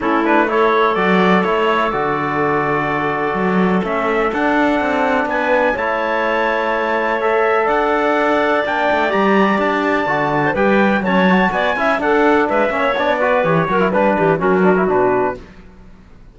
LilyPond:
<<
  \new Staff \with { instrumentName = "trumpet" } { \time 4/4 \tempo 4 = 125 a'8 b'8 cis''4 d''4 cis''4 | d''1 | e''4 fis''2 gis''4 | a''2. e''4 |
fis''2 g''4 ais''4 | a''2 g''4 a''4 | gis''4 fis''4 e''4 d''4 | cis''4 b'4 ais'4 b'4 | }
  \new Staff \with { instrumentName = "clarinet" } { \time 4/4 e'4 a'2.~ | a'1~ | a'2. b'4 | cis''1 |
d''1~ | d''4.~ d''16 c''16 b'4 cis''4 | d''8 e''8 a'4 b'8 cis''4 b'8~ | b'8 ais'8 b'8 g'8 fis'2 | }
  \new Staff \with { instrumentName = "trombone" } { \time 4/4 cis'8 d'8 e'4 fis'4 e'4 | fis'1 | cis'4 d'2. | e'2. a'4~ |
a'2 d'4 g'4~ | g'4 fis'4 g'4 cis'8 fis'8~ | fis'8 e'8 d'4. cis'8 d'8 fis'8 | g'8 fis'16 e'16 d'4 cis'8 d'16 e'16 d'4 | }
  \new Staff \with { instrumentName = "cello" } { \time 4/4 a2 fis4 a4 | d2. fis4 | a4 d'4 c'4 b4 | a1 |
d'2 ais8 a8 g4 | d'4 d4 g4 fis4 | b8 cis'8 d'4 gis8 ais8 b4 | e8 fis8 g8 e8 fis4 b,4 | }
>>